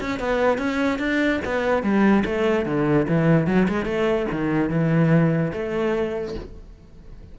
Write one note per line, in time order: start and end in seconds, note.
0.00 0.19 C#4
0.19 0.58 B3
0.58 0.99 C#4
0.99 1.40 D4
1.44 1.82 B3
1.82 2.23 G3
2.25 2.65 A3
2.65 3.06 D3
3.08 3.47 E3
3.47 3.67 F#3
3.68 3.85 G#3
3.85 4.26 A3
4.32 4.69 D#3
4.69 5.52 E3
5.52 6.35 A3